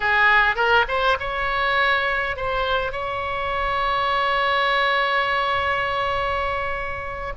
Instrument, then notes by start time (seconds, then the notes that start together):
oboe
0.00 G#4
0.55 A#4
0.88 C5
1.19 C#5
2.36 C5
2.92 C#5